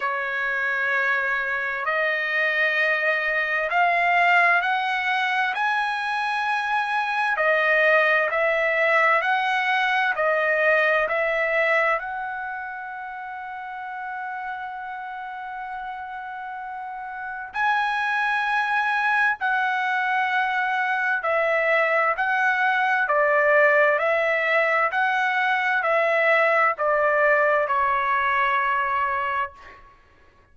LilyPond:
\new Staff \with { instrumentName = "trumpet" } { \time 4/4 \tempo 4 = 65 cis''2 dis''2 | f''4 fis''4 gis''2 | dis''4 e''4 fis''4 dis''4 | e''4 fis''2.~ |
fis''2. gis''4~ | gis''4 fis''2 e''4 | fis''4 d''4 e''4 fis''4 | e''4 d''4 cis''2 | }